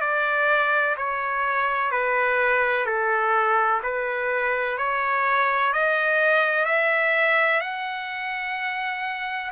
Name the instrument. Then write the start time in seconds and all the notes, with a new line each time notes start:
trumpet
0.00 D5
0.97 C#5
1.91 B4
2.85 A4
3.82 B4
4.77 C#5
5.73 D#5
6.65 E5
7.60 F#5